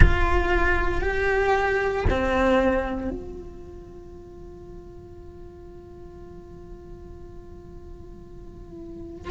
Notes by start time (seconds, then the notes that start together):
0.00 F4
1.01 G4
2.10 C4
3.10 F4